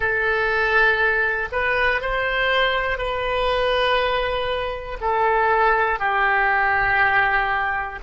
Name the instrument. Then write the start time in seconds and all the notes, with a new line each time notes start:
oboe
0.00 A4
1.52 B4
2.00 C5
2.98 B4
5.00 A4
5.99 G4